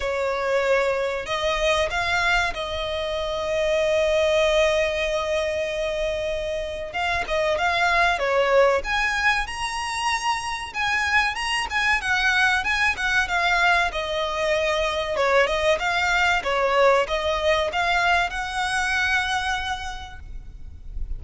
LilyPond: \new Staff \with { instrumentName = "violin" } { \time 4/4 \tempo 4 = 95 cis''2 dis''4 f''4 | dis''1~ | dis''2. f''8 dis''8 | f''4 cis''4 gis''4 ais''4~ |
ais''4 gis''4 ais''8 gis''8 fis''4 | gis''8 fis''8 f''4 dis''2 | cis''8 dis''8 f''4 cis''4 dis''4 | f''4 fis''2. | }